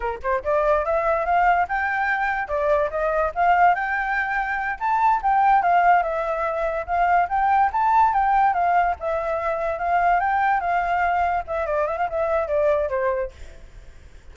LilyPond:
\new Staff \with { instrumentName = "flute" } { \time 4/4 \tempo 4 = 144 ais'8 c''8 d''4 e''4 f''4 | g''2 d''4 dis''4 | f''4 g''2~ g''8 a''8~ | a''8 g''4 f''4 e''4.~ |
e''8 f''4 g''4 a''4 g''8~ | g''8 f''4 e''2 f''8~ | f''8 g''4 f''2 e''8 | d''8 e''16 f''16 e''4 d''4 c''4 | }